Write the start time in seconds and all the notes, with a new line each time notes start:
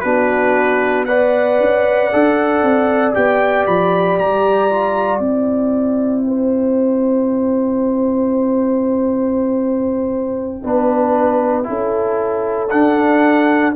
0.00 B3 D4 F#4 B4
1.05 B4 D5 F#5
1.60 C#4
2.12 D4 A4
2.62 C4
3.14 B3 G4 G5
3.66 F3 B5
4.18 G3 A#5
4.69 F4
5.19 C4 E4 G5
6.27 C5
10.63 B3 D4 B4
11.63 C#4 E4 A4
12.69 D4 F#5